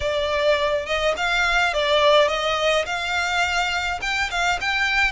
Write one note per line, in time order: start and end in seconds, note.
0.00 0.85 D5
0.85 1.14 D#5
1.16 1.73 F5
1.73 2.28 D5
2.28 2.85 D#5
2.85 3.99 F5
4.01 4.30 G5
4.30 4.59 F5
4.61 5.11 G5